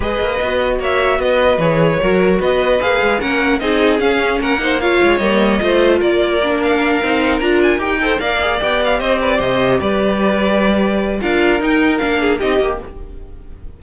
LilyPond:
<<
  \new Staff \with { instrumentName = "violin" } { \time 4/4 \tempo 4 = 150 dis''2 e''4 dis''4 | cis''2 dis''4 f''4 | fis''4 dis''4 f''4 fis''4 | f''4 dis''2 d''4~ |
d''8 f''2 ais''8 gis''8 g''8~ | g''8 f''4 g''8 f''8 dis''8 d''8 dis''8~ | dis''8 d''2.~ d''8 | f''4 g''4 f''4 dis''4 | }
  \new Staff \with { instrumentName = "violin" } { \time 4/4 b'2 cis''4 b'4~ | b'4 ais'4 b'2 | ais'4 gis'2 ais'8 c''8 | cis''2 c''4 ais'4~ |
ais'1 | c''8 d''2 c''8 b'8 c''8~ | c''8 b'2.~ b'8 | ais'2~ ais'8 gis'8 g'4 | }
  \new Staff \with { instrumentName = "viola" } { \time 4/4 gis'4 fis'2. | gis'4 fis'2 gis'4 | cis'4 dis'4 cis'4. dis'8 | f'4 ais4 f'2 |
d'4. dis'4 f'4 g'8 | a'8 ais'8 gis'8 g'2~ g'8~ | g'1 | f'4 dis'4 d'4 dis'8 g'8 | }
  \new Staff \with { instrumentName = "cello" } { \time 4/4 gis8 ais8 b4 ais4 b4 | e4 fis4 b4 ais8 gis8 | ais4 c'4 cis'4 ais4~ | ais8 gis8 g4 a4 ais4~ |
ais4. c'4 d'4 dis'8~ | dis'8 ais4 b4 c'4 c8~ | c8 g2.~ g8 | d'4 dis'4 ais4 c'8 ais8 | }
>>